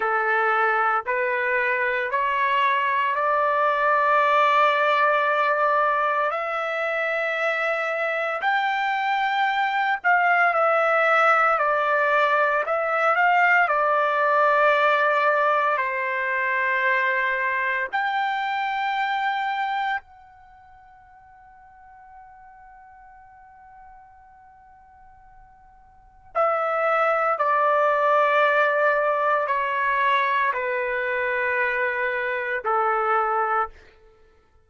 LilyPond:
\new Staff \with { instrumentName = "trumpet" } { \time 4/4 \tempo 4 = 57 a'4 b'4 cis''4 d''4~ | d''2 e''2 | g''4. f''8 e''4 d''4 | e''8 f''8 d''2 c''4~ |
c''4 g''2 fis''4~ | fis''1~ | fis''4 e''4 d''2 | cis''4 b'2 a'4 | }